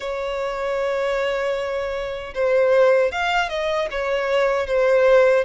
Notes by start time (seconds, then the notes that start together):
0.00 C#5
2.34 C5
3.11 F5
3.49 D#5
3.90 C#5
4.66 C5